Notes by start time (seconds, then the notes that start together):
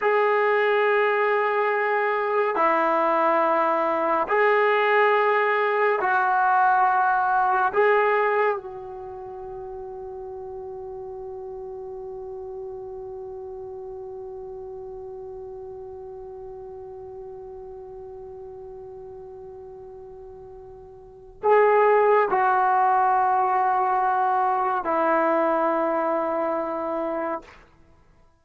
0.01 G#4
2.55 E4
4.28 G#4
6.00 F#4
7.73 G#4
8.56 F#4
21.43 G#4
22.30 F#4
24.84 E4